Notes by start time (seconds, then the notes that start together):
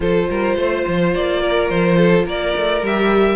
0.00 F3 F4 A4 C5
0.29 G3 A#4
0.56 A3 C5
0.87 F3
1.14 A#3 D5
1.41 A#4
1.69 F3 C5
1.97 A4
2.25 A#3 A#4 D5
2.55 A3
2.82 G3 G4 E5